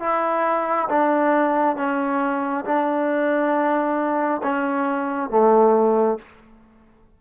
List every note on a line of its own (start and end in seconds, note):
0.00 0.88 E4
0.89 1.76 D4
1.76 2.65 C#4
2.65 4.42 D4
4.43 5.30 C#4
5.30 6.18 A3